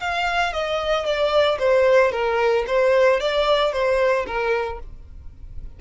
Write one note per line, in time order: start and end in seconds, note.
0.00 0.53 F5
0.53 1.05 D#5
1.05 1.58 D5
1.59 2.12 C5
2.12 2.65 A#4
2.67 3.20 C5
3.20 3.72 D5
3.72 4.26 C5
4.26 4.79 A#4